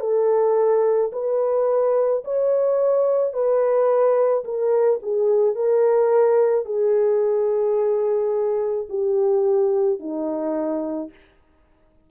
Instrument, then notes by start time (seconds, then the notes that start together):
horn
0.00 A4
1.12 B4
2.24 C#5
3.33 B4
4.44 A#4
5.02 G#4
5.55 A#4
6.65 G#4
8.89 G4
9.99 D#4